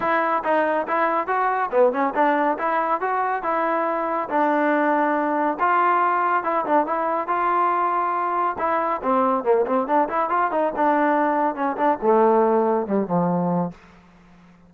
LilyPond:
\new Staff \with { instrumentName = "trombone" } { \time 4/4 \tempo 4 = 140 e'4 dis'4 e'4 fis'4 | b8 cis'8 d'4 e'4 fis'4 | e'2 d'2~ | d'4 f'2 e'8 d'8 |
e'4 f'2. | e'4 c'4 ais8 c'8 d'8 e'8 | f'8 dis'8 d'2 cis'8 d'8 | a2 g8 f4. | }